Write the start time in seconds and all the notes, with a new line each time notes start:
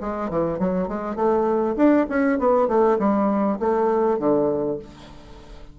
0.00 G#3
0.29 E3
0.59 F#3
0.88 G#3
1.15 A3
1.76 D4
2.09 C#4
2.38 B3
2.68 A3
2.98 G3
3.59 A3
4.19 D3